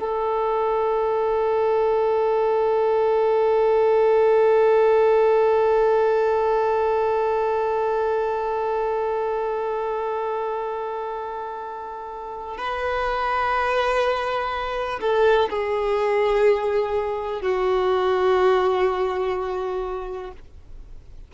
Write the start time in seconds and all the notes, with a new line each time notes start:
0.00 A4
12.58 B4
15.01 A4
15.50 G#4
17.41 F#4